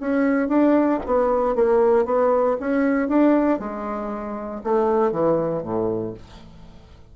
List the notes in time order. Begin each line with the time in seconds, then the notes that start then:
0.00 C#4
0.48 D4
1.06 B3
1.55 A#3
2.05 B3
2.60 C#4
3.08 D4
3.59 G#3
4.63 A3
5.12 E3
5.63 A2